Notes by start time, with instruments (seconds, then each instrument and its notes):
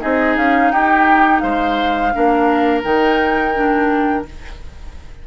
0.00 bassoon C4, clarinet D#4, oboe G#4, flute D#5
0.37 bassoon C#4, flute F5
0.71 bassoon D#4, oboe G4, flute G5
1.40 bassoon G#3, oboe C5, flute F5
2.14 bassoon A#3, clarinet D4, oboe A#4
2.84 bassoon D#3, clarinet D#4, flute G5
3.55 clarinet D4